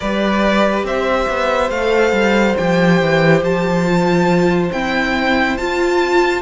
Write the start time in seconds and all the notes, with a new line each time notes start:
0.00 G3 G4 B4 D5
0.83 C4 C5 E5
1.28 B3
1.69 A3 A4 F5
2.12 G3
2.57 F3 G4 G5
3.01 E3
3.41 F3 A5
3.86 F4
4.71 C4 E4 G5
5.57 F4 A5